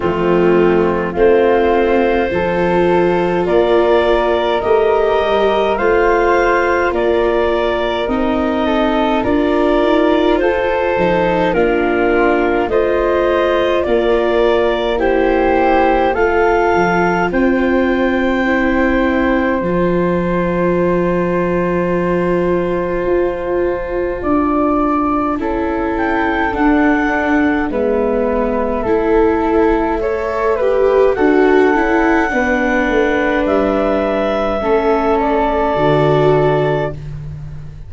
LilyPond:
<<
  \new Staff \with { instrumentName = "clarinet" } { \time 4/4 \tempo 4 = 52 f'4 c''2 d''4 | dis''4 f''4 d''4 dis''4 | d''4 c''4 ais'4 dis''4 | d''4 c''4 f''4 g''4~ |
g''4 a''2.~ | a''2~ a''8 g''8 fis''4 | e''2. fis''4~ | fis''4 e''4. d''4. | }
  \new Staff \with { instrumentName = "flute" } { \time 4/4 c'4 f'4 a'4 ais'4~ | ais'4 c''4 ais'4. a'8 | ais'4 a'4 f'4 c''4 | ais'4 g'4 a'4 c''4~ |
c''1~ | c''4 d''4 a'2 | b'4 a'4 cis''8 b'8 a'4 | b'2 a'2 | }
  \new Staff \with { instrumentName = "viola" } { \time 4/4 a4 c'4 f'2 | g'4 f'2 dis'4 | f'4. dis'8 d'4 f'4~ | f'4 e'4 f'2 |
e'4 f'2.~ | f'2 e'4 d'4 | b4 e'4 a'8 g'8 fis'8 e'8 | d'2 cis'4 fis'4 | }
  \new Staff \with { instrumentName = "tuba" } { \time 4/4 f4 a4 f4 ais4 | a8 g8 a4 ais4 c'4 | d'8 dis'8 f'8 f8 ais4 a4 | ais2 a8 f8 c'4~ |
c'4 f2. | f'4 d'4 cis'4 d'4 | gis4 a2 d'8 cis'8 | b8 a8 g4 a4 d4 | }
>>